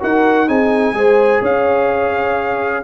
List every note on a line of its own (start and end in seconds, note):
0.00 0.48 D#4
0.00 0.47 F#4
0.00 0.47 A#4
0.00 0.48 F#5
0.47 0.93 C4
0.47 0.94 D#4
0.47 0.94 G#4
0.47 1.43 G#5
0.93 1.40 G#3
0.93 2.83 G#4
0.93 1.41 C5
1.41 2.83 C#4
1.41 2.83 C#5
1.41 2.83 F5